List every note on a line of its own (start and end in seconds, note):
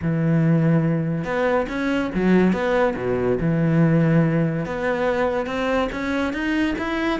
0.02 1.24 E3
1.24 1.66 B3
1.68 2.10 C#4
2.14 2.52 F#3
2.52 2.95 B3
2.96 3.38 B2
3.40 4.65 E3
4.65 5.46 B3
5.46 5.88 C4
5.92 6.33 C#4
6.33 6.75 D#4
6.78 7.19 E4